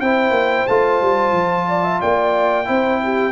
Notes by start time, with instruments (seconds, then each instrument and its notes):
0.00 tuba C4, trombone E4, horn C5, trumpet G5
0.31 tuba A#3
0.67 tuba A3, trombone F4, trumpet A5
1.01 tuba G3
1.32 tuba F3
1.68 horn D5
1.83 horn E5
2.01 tuba A#3, horn D5, trumpet G5
2.65 tuba C4, trombone E4, horn C5
3.03 horn G4